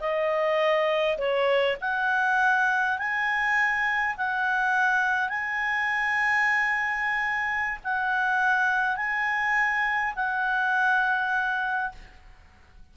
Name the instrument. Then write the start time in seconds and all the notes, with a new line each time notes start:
clarinet
0.00 D#5
1.18 C#5
1.81 F#5
2.98 G#5
4.17 F#5
5.29 G#5
7.84 F#5
8.97 G#5
10.16 F#5